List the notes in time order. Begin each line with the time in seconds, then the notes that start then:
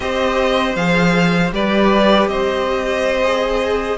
0.00 C4 G4 C5 D#5
0.75 F3 G#4 F5
1.52 G3 G4 B4 D5
2.27 C4 C5 D#5
3.23 G#4